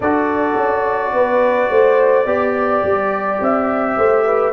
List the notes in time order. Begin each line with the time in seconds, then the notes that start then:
0.00 D4 F#4 A4 D5
0.56 C#4
1.12 B3 B4
1.70 A3 C5
2.25 B3 G4 D5
2.83 G3
3.40 C4 E5
3.96 A3 C5
4.25 B4